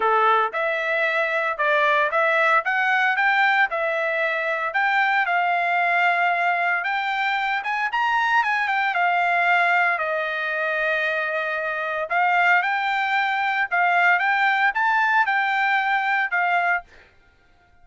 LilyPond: \new Staff \with { instrumentName = "trumpet" } { \time 4/4 \tempo 4 = 114 a'4 e''2 d''4 | e''4 fis''4 g''4 e''4~ | e''4 g''4 f''2~ | f''4 g''4. gis''8 ais''4 |
gis''8 g''8 f''2 dis''4~ | dis''2. f''4 | g''2 f''4 g''4 | a''4 g''2 f''4 | }